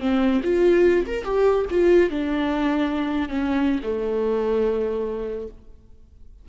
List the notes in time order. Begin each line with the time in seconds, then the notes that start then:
0.00 C4
0.44 F4
1.07 A#4
1.25 G4
1.71 F4
2.10 D4
3.29 C#4
3.83 A3